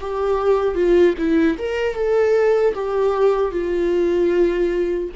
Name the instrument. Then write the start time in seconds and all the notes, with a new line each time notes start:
viola
0.00 G4
0.75 F4
1.17 E4
1.58 A#4
1.94 A4
2.74 G4
3.51 F4